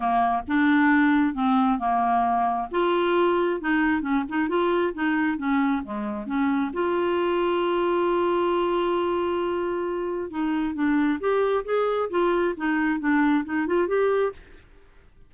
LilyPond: \new Staff \with { instrumentName = "clarinet" } { \time 4/4 \tempo 4 = 134 ais4 d'2 c'4 | ais2 f'2 | dis'4 cis'8 dis'8 f'4 dis'4 | cis'4 gis4 cis'4 f'4~ |
f'1~ | f'2. dis'4 | d'4 g'4 gis'4 f'4 | dis'4 d'4 dis'8 f'8 g'4 | }